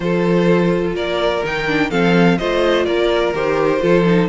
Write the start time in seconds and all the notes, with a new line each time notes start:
0.00 F3 F4 A4 C5
0.94 A#3 A#4 D5
1.44 D#3 D#4 G5
1.67 D4
1.90 F3 C4 A4 F5
2.37 A3 F4 C5 D#5
2.84 A#3 A#4 D5
3.33 D#3 G4 C5
3.80 F3 F4 A4
4.06 D#4